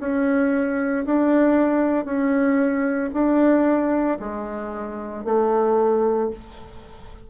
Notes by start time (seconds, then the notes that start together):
0.00 C#4
1.06 D4
2.05 C#4
3.14 D4
4.20 G#3
5.25 A3